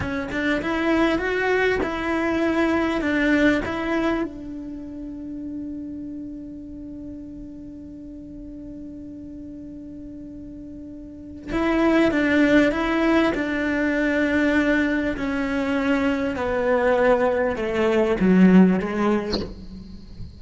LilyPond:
\new Staff \with { instrumentName = "cello" } { \time 4/4 \tempo 4 = 99 cis'8 d'8 e'4 fis'4 e'4~ | e'4 d'4 e'4 d'4~ | d'1~ | d'1~ |
d'2. e'4 | d'4 e'4 d'2~ | d'4 cis'2 b4~ | b4 a4 fis4 gis4 | }